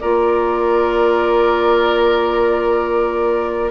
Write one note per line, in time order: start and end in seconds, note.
0.00 3.71 A#3
0.00 3.71 F4
0.00 3.71 A#4
0.00 3.70 D5